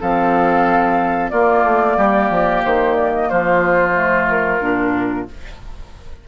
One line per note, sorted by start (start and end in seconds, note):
0.00 1.32 F3
0.00 1.31 C4
0.00 1.31 A4
0.00 1.30 F5
1.30 3.93 A#3
1.30 1.63 A#3
1.30 1.97 F4
1.30 2.61 D5
1.63 1.96 A3
1.97 2.30 G3
1.97 3.29 G4
2.30 2.63 F3
2.64 3.31 D#3
2.64 2.95 C5
2.95 3.11 D5
3.14 3.29 D#5
3.29 4.60 F3
3.29 5.27 F4
3.29 4.28 C5
3.93 4.59 A3
4.29 5.28 A#4
4.60 5.26 A#2
4.60 5.26 D4